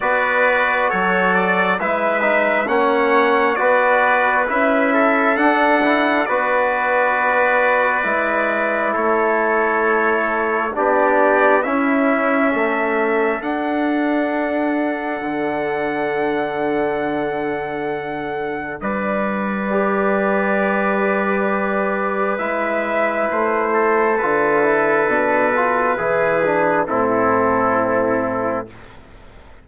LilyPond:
<<
  \new Staff \with { instrumentName = "trumpet" } { \time 4/4 \tempo 4 = 67 d''4 cis''8 d''8 e''4 fis''4 | d''4 e''4 fis''4 d''4~ | d''2 cis''2 | d''4 e''2 fis''4~ |
fis''1~ | fis''4 d''2.~ | d''4 e''4 c''4 b'4~ | b'2 a'2 | }
  \new Staff \with { instrumentName = "trumpet" } { \time 4/4 b'4 a'4 b'4 cis''4 | b'4. a'4. b'4~ | b'2 a'2 | g'4 e'4 a'2~ |
a'1~ | a'4 b'2.~ | b'2~ b'8 a'4.~ | a'4 gis'4 e'2 | }
  \new Staff \with { instrumentName = "trombone" } { \time 4/4 fis'2 e'8 dis'8 cis'4 | fis'4 e'4 d'8 e'8 fis'4~ | fis'4 e'2. | d'4 cis'2 d'4~ |
d'1~ | d'2 g'2~ | g'4 e'2 f'8 e'8 | d'8 f'8 e'8 d'8 c'2 | }
  \new Staff \with { instrumentName = "bassoon" } { \time 4/4 b4 fis4 gis4 ais4 | b4 cis'4 d'4 b4~ | b4 gis4 a2 | b4 cis'4 a4 d'4~ |
d'4 d2.~ | d4 g2.~ | g4 gis4 a4 d4 | b,4 e4 a,2 | }
>>